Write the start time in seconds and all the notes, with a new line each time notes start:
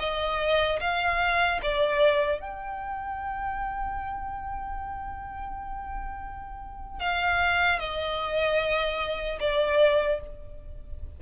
0.00 D#5
0.81 F5
1.63 D5
2.41 G5
7.00 F5
7.79 D#5
9.40 D5